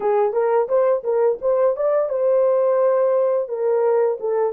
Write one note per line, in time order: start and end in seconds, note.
0.00 0.32 G#4
0.32 0.67 A#4
0.68 1.03 C5
1.03 1.38 A#4
1.41 1.76 C5
1.76 2.09 D5
2.09 3.48 C5
3.48 4.18 A#4
4.20 4.53 A4